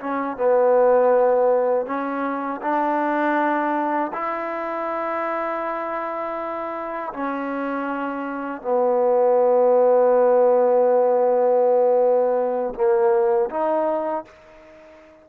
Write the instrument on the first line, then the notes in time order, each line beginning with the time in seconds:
trombone
0.00 C#4
0.37 B3
1.86 C#4
2.62 D4
4.13 E4
7.13 C#4
8.61 B3
12.75 A#3
13.50 D#4